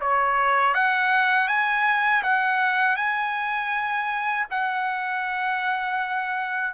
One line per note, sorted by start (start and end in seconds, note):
0.00 0.74 C#5
0.74 1.47 F#5
1.47 2.22 G#5
2.23 2.96 F#5
2.96 4.46 G#5
4.50 6.73 F#5